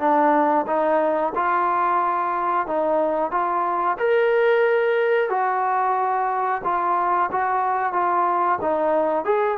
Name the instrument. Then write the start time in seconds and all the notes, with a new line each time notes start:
trombone
0.00 D4
0.67 D#4
1.35 F4
2.67 D#4
3.32 F4
3.99 A#4
5.30 F#4
6.64 F4
7.32 F#4
7.93 F4
8.61 D#4
9.25 G#4